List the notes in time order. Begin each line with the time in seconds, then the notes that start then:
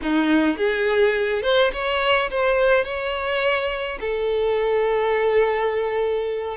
0.02 D#4
0.57 G#4
1.42 C5
1.72 C#5
2.30 C5
2.84 C#5
4.00 A4